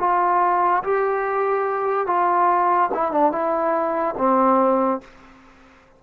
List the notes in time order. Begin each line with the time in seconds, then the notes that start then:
0.00 F4
0.84 G4
2.07 F4
2.94 E4
3.12 D4
3.32 E4
4.18 C4